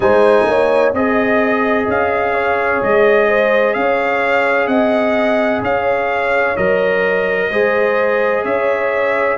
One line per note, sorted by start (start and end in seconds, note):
0.00 0.45 G#3
0.00 0.94 D#4
0.00 0.48 C5
0.00 0.92 G#5
0.46 0.93 A#3
0.46 0.94 C#5
0.93 1.87 C4
0.93 6.56 G#4
0.93 2.33 D#5
0.93 1.88 D#5
1.87 2.81 C#4
1.87 2.82 F5
2.33 3.27 C#5
2.82 3.75 G#3
2.82 3.73 D#5
3.28 3.75 C5
3.73 4.67 C#4
3.73 4.67 F5
3.79 4.68 C#5
4.67 5.61 C4
4.67 5.62 D#5
4.67 5.61 F#5
5.61 6.55 C#4
5.61 7.50 C#5
5.61 6.56 F5
6.56 7.50 F#3
6.56 7.50 A#4
6.56 8.44 D#5
7.50 8.44 G#3
7.50 9.38 G#4
7.50 8.44 C5
8.44 9.38 C#4
8.44 9.38 C#5
8.44 9.38 E5